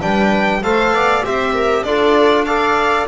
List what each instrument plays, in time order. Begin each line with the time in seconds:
0.00 double bass G3, trombone D4, viola B4, violin G5
0.63 double bass A3, trombone A4, viola C5, violin F5
0.92 double bass B3, viola D5
1.24 double bass C4, trombone G4, viola C5, violin E5
1.54 viola A#4
1.83 double bass D4, trombone F4, viola A4, violin D5
2.45 trombone A4, viola D5, violin F5